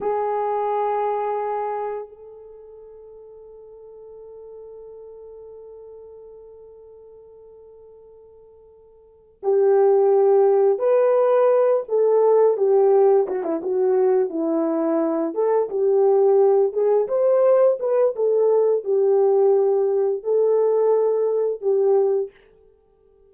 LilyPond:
\new Staff \with { instrumentName = "horn" } { \time 4/4 \tempo 4 = 86 gis'2. a'4~ | a'1~ | a'1~ | a'4. g'2 b'8~ |
b'4 a'4 g'4 fis'16 e'16 fis'8~ | fis'8 e'4. a'8 g'4. | gis'8 c''4 b'8 a'4 g'4~ | g'4 a'2 g'4 | }